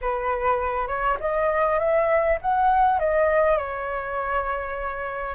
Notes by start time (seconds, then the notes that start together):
0.01 B4
0.87 C#5
1.20 D#5
1.79 E5
2.41 F#5
2.99 D#5
3.57 C#5